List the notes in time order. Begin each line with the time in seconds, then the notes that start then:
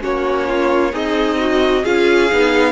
0.00 A#3 C#4 F#4 C#5
0.48 F4
0.91 C4 D#4 G#4 D#5
1.40 F#4
1.82 C#4 F4 G#4 F5
2.31 B3 D#4